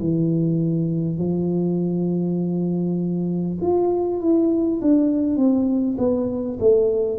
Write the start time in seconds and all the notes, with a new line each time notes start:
0.00 E3
1.18 F3
3.62 F4
4.21 E4
4.82 D4
5.37 C4
5.98 B3
6.60 A3